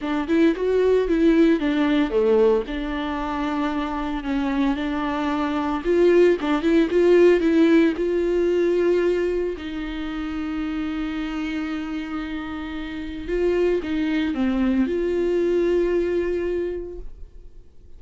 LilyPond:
\new Staff \with { instrumentName = "viola" } { \time 4/4 \tempo 4 = 113 d'8 e'8 fis'4 e'4 d'4 | a4 d'2. | cis'4 d'2 f'4 | d'8 e'8 f'4 e'4 f'4~ |
f'2 dis'2~ | dis'1~ | dis'4 f'4 dis'4 c'4 | f'1 | }